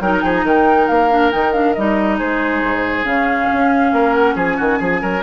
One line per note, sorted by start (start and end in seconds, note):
0.00 0.22 F#3
0.00 1.10 D#4
0.00 0.23 A#4
0.00 0.12 G5
0.14 0.21 A#5
0.21 0.44 F3
0.21 0.45 G#4
0.21 0.32 G5
0.36 0.47 A#5
0.44 0.87 D#3
0.44 2.17 A#4
0.44 0.87 G5
0.87 1.33 A#3
0.87 1.31 F5
1.10 1.31 D4
1.31 1.77 D#3
1.31 1.52 D#4
1.31 1.52 G5
1.52 1.74 D4
1.52 1.74 F5
1.74 2.20 G3
1.74 3.03 D#4
1.74 2.17 D#5
2.17 2.62 G#3
2.17 3.91 G#4
2.17 3.05 C5
2.62 3.04 G#2
3.03 3.48 C#3
3.03 5.21 C#4
3.03 4.13 F5
3.52 3.92 C#4
3.92 4.35 A#3
3.92 4.35 A#4
4.13 4.35 F#5
4.35 4.57 F3
4.35 4.56 G#4
4.35 5.23 G#5
4.57 4.80 D#3
4.57 4.78 F#4
4.79 5.01 F3
4.79 5.00 G#4
5.01 5.23 F#3
5.01 5.23 A#4